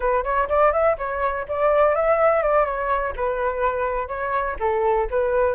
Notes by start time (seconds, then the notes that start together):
0.00 B4
0.24 C#5
0.48 D5
0.72 E5
0.98 C#5
1.48 D5
1.95 E5
2.42 D5
2.65 C#5
3.15 B4
4.08 C#5
4.59 A4
5.10 B4